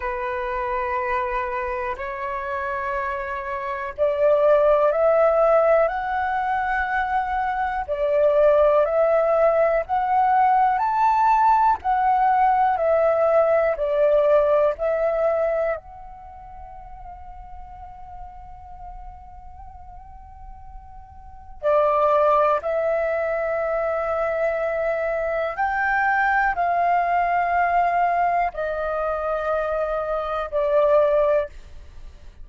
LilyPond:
\new Staff \with { instrumentName = "flute" } { \time 4/4 \tempo 4 = 61 b'2 cis''2 | d''4 e''4 fis''2 | d''4 e''4 fis''4 a''4 | fis''4 e''4 d''4 e''4 |
fis''1~ | fis''2 d''4 e''4~ | e''2 g''4 f''4~ | f''4 dis''2 d''4 | }